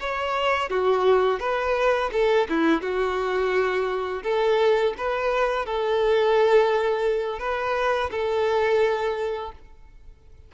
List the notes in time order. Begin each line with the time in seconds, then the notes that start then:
0.00 C#5
0.70 F#4
1.40 B4
2.12 A4
2.49 E4
2.82 F#4
4.23 A4
4.98 B4
5.66 A4
7.40 B4
8.11 A4